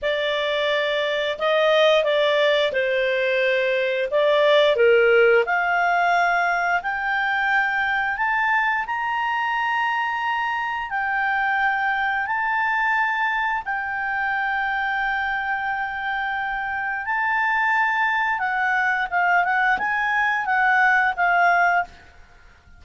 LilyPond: \new Staff \with { instrumentName = "clarinet" } { \time 4/4 \tempo 4 = 88 d''2 dis''4 d''4 | c''2 d''4 ais'4 | f''2 g''2 | a''4 ais''2. |
g''2 a''2 | g''1~ | g''4 a''2 fis''4 | f''8 fis''8 gis''4 fis''4 f''4 | }